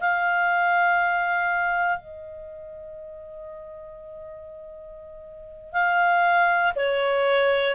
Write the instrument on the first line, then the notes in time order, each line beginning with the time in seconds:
clarinet
0.00 F5
1.98 D#5
5.73 F5
6.75 C#5